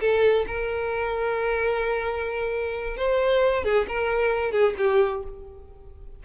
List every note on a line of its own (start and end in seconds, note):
0.00 0.45 A4
0.47 2.96 A#4
2.96 3.64 C5
3.64 3.86 G#4
3.88 4.51 A#4
4.51 4.74 G#4
4.77 5.23 G4